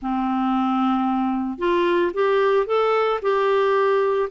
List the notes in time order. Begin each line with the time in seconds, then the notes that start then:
0.01 C4
1.58 F4
2.13 G4
2.66 A4
3.22 G4